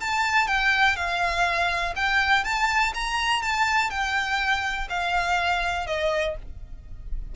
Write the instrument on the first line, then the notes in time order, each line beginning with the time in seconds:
violin
0.00 A5
0.47 G5
0.96 F5
1.96 G5
2.44 A5
2.94 A#5
3.42 A5
3.90 G5
4.89 F5
5.86 D#5